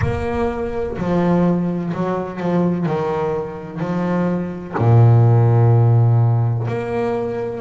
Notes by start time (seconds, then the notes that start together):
0.01 A#3
0.97 F3
1.93 F#3
2.39 F3
2.86 D#3
3.79 F3
4.77 A#2
6.67 A#3